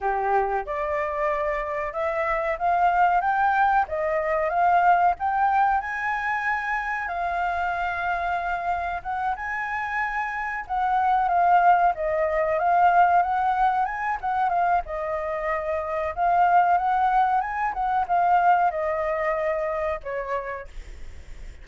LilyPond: \new Staff \with { instrumentName = "flute" } { \time 4/4 \tempo 4 = 93 g'4 d''2 e''4 | f''4 g''4 dis''4 f''4 | g''4 gis''2 f''4~ | f''2 fis''8 gis''4.~ |
gis''8 fis''4 f''4 dis''4 f''8~ | f''8 fis''4 gis''8 fis''8 f''8 dis''4~ | dis''4 f''4 fis''4 gis''8 fis''8 | f''4 dis''2 cis''4 | }